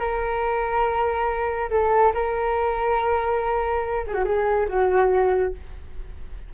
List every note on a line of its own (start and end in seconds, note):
0.00 1.70 A#4
1.71 2.13 A4
2.15 4.06 A#4
4.08 4.14 G#4
4.14 4.25 F#4
4.25 4.68 G#4
4.69 5.54 F#4